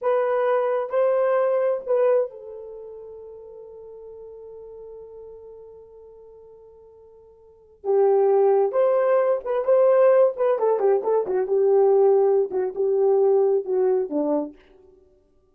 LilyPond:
\new Staff \with { instrumentName = "horn" } { \time 4/4 \tempo 4 = 132 b'2 c''2 | b'4 a'2.~ | a'1~ | a'1~ |
a'4~ a'16 g'2 c''8.~ | c''8. b'8 c''4. b'8 a'8 g'16~ | g'16 a'8 fis'8 g'2~ g'16 fis'8 | g'2 fis'4 d'4 | }